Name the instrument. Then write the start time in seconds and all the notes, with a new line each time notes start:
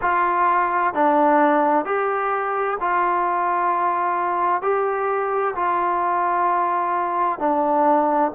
trombone
0.01 F4
0.94 D4
1.85 G4
2.80 F4
4.62 G4
5.55 F4
7.39 D4